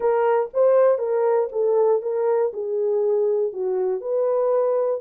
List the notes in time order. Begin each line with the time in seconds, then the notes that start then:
0.00 A#4
0.53 C5
0.98 A#4
1.52 A4
2.02 A#4
2.52 G#4
3.52 F#4
4.00 B4